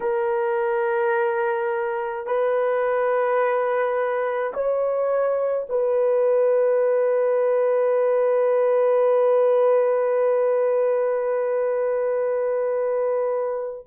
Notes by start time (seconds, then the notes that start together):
0.00 A#4
2.26 B4
4.53 C#5
5.69 B4